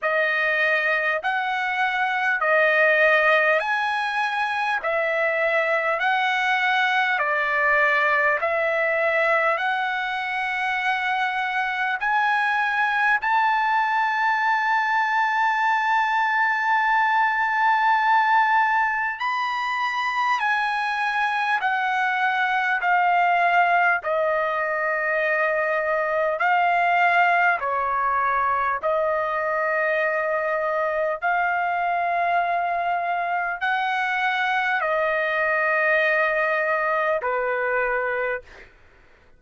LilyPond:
\new Staff \with { instrumentName = "trumpet" } { \time 4/4 \tempo 4 = 50 dis''4 fis''4 dis''4 gis''4 | e''4 fis''4 d''4 e''4 | fis''2 gis''4 a''4~ | a''1 |
b''4 gis''4 fis''4 f''4 | dis''2 f''4 cis''4 | dis''2 f''2 | fis''4 dis''2 b'4 | }